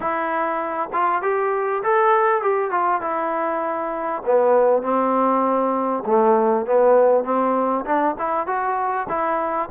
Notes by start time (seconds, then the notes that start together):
0.00 E4
0.92 F4
1.22 G4
1.83 A4
2.42 G4
2.70 F4
3.01 E4
4.25 B3
4.82 C4
6.06 A3
6.66 B3
7.24 C4
7.85 D4
8.18 E4
8.46 F#4
9.08 E4